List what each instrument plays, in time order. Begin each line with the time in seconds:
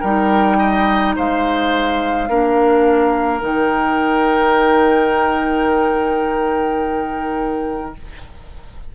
0.00 bassoon G3, clarinet D#4, oboe A#4, flute G5
0.59 oboe D#5
1.16 bassoon G#3, oboe C5, flute F5
2.29 bassoon A#3, clarinet D4, oboe A#4
3.40 bassoon D#3, clarinet D#4, flute G5